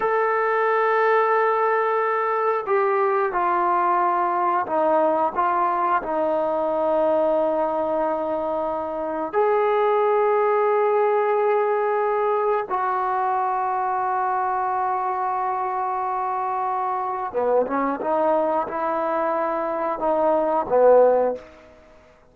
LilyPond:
\new Staff \with { instrumentName = "trombone" } { \time 4/4 \tempo 4 = 90 a'1 | g'4 f'2 dis'4 | f'4 dis'2.~ | dis'2 gis'2~ |
gis'2. fis'4~ | fis'1~ | fis'2 b8 cis'8 dis'4 | e'2 dis'4 b4 | }